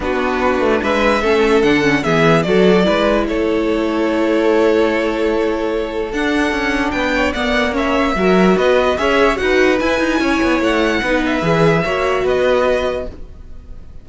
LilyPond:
<<
  \new Staff \with { instrumentName = "violin" } { \time 4/4 \tempo 4 = 147 b'2 e''2 | fis''4 e''4 d''2 | cis''1~ | cis''2. fis''4~ |
fis''4 g''4 fis''4 e''4~ | e''4 dis''4 e''4 fis''4 | gis''2 fis''4. e''8~ | e''2 dis''2 | }
  \new Staff \with { instrumentName = "violin" } { \time 4/4 fis'2 b'4 a'4~ | a'4 gis'4 a'4 b'4 | a'1~ | a'1~ |
a'4 b'8 cis''8 d''4 cis''4 | ais'4 b'4 cis''4 b'4~ | b'4 cis''2 b'4~ | b'4 cis''4 b'2 | }
  \new Staff \with { instrumentName = "viola" } { \time 4/4 d'2. cis'4 | d'8 cis'8 b4 fis'4 e'4~ | e'1~ | e'2. d'4~ |
d'2 b4 cis'4 | fis'2 gis'4 fis'4 | e'2. dis'4 | gis'4 fis'2. | }
  \new Staff \with { instrumentName = "cello" } { \time 4/4 b4. a8 gis4 a4 | d4 e4 fis4 gis4 | a1~ | a2. d'4 |
cis'4 b4 ais2 | fis4 b4 cis'4 dis'4 | e'8 dis'8 cis'8 b8 a4 b4 | e4 ais4 b2 | }
>>